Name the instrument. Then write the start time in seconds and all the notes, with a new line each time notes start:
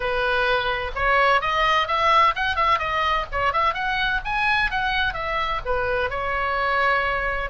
oboe
0.00 B4
0.95 C#5
1.41 D#5
1.87 E5
2.35 F#5
2.56 E5
2.78 D#5
3.32 C#5
3.53 E5
3.74 F#5
4.24 G#5
4.70 F#5
5.13 E5
5.65 B4
6.10 C#5